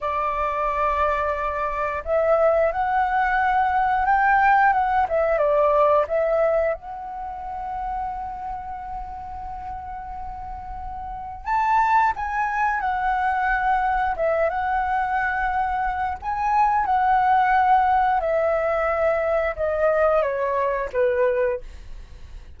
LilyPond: \new Staff \with { instrumentName = "flute" } { \time 4/4 \tempo 4 = 89 d''2. e''4 | fis''2 g''4 fis''8 e''8 | d''4 e''4 fis''2~ | fis''1~ |
fis''4 a''4 gis''4 fis''4~ | fis''4 e''8 fis''2~ fis''8 | gis''4 fis''2 e''4~ | e''4 dis''4 cis''4 b'4 | }